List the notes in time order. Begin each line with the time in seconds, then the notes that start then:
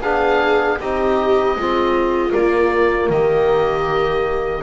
0.00 B3 D4 G#4 F5
0.80 C4 D#4 G4 D#5
1.56 G#3 C4 F4
2.30 A#3 D5
2.36 A#3
3.09 D#3 G4 D#5